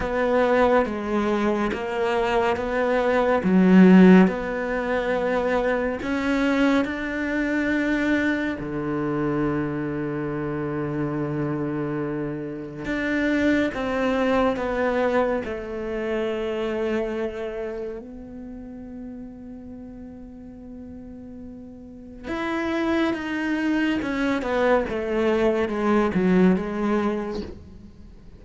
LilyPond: \new Staff \with { instrumentName = "cello" } { \time 4/4 \tempo 4 = 70 b4 gis4 ais4 b4 | fis4 b2 cis'4 | d'2 d2~ | d2. d'4 |
c'4 b4 a2~ | a4 b2.~ | b2 e'4 dis'4 | cis'8 b8 a4 gis8 fis8 gis4 | }